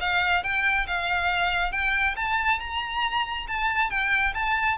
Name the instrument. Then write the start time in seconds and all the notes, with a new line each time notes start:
violin
0.00 F5
0.43 G5
0.87 F5
1.72 G5
2.16 A5
2.60 A#5
3.48 A5
3.90 G5
4.34 A5